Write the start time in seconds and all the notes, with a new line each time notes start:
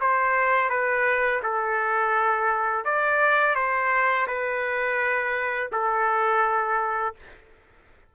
0.00 C5
0.69 B4
1.42 A4
2.84 D5
3.55 C5
4.27 B4
5.71 A4